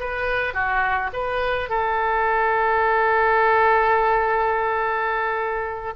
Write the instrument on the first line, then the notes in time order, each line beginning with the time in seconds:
oboe
0.00 B4
0.54 F#4
1.13 B4
1.70 A4